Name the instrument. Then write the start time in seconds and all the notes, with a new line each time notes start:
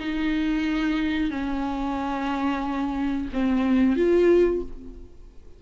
viola
0.00 D#4
1.31 C#4
3.33 C4
3.97 F4